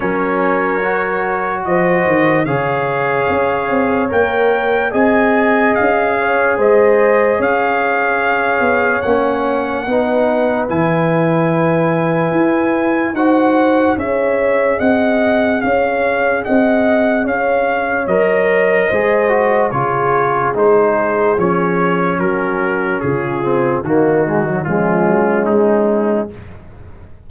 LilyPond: <<
  \new Staff \with { instrumentName = "trumpet" } { \time 4/4 \tempo 4 = 73 cis''2 dis''4 f''4~ | f''4 g''4 gis''4 f''4 | dis''4 f''2 fis''4~ | fis''4 gis''2. |
fis''4 e''4 fis''4 f''4 | fis''4 f''4 dis''2 | cis''4 c''4 cis''4 ais'4 | gis'4 fis'4 f'4 dis'4 | }
  \new Staff \with { instrumentName = "horn" } { \time 4/4 ais'2 c''4 cis''4~ | cis''2 dis''4. cis''8 | c''4 cis''2. | b'1 |
c''4 cis''4 dis''4 cis''4 | dis''4 cis''2 c''4 | gis'2. fis'4 | f'4 dis'4 cis'2 | }
  \new Staff \with { instrumentName = "trombone" } { \time 4/4 cis'4 fis'2 gis'4~ | gis'4 ais'4 gis'2~ | gis'2. cis'4 | dis'4 e'2. |
fis'4 gis'2.~ | gis'2 ais'4 gis'8 fis'8 | f'4 dis'4 cis'2~ | cis'8 c'8 ais8 gis16 fis16 gis2 | }
  \new Staff \with { instrumentName = "tuba" } { \time 4/4 fis2 f8 dis8 cis4 | cis'8 c'8 ais4 c'4 cis'4 | gis4 cis'4. b8 ais4 | b4 e2 e'4 |
dis'4 cis'4 c'4 cis'4 | c'4 cis'4 fis4 gis4 | cis4 gis4 f4 fis4 | cis4 dis4 f8 fis8 gis4 | }
>>